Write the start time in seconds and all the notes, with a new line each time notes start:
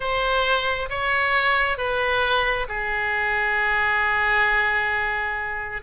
0.00 C5
0.89 C#5
1.77 B4
2.68 G#4